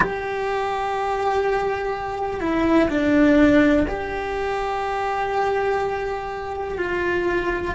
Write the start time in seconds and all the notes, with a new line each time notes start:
0.00 G4
2.40 E4
2.89 D4
3.87 G4
6.77 F4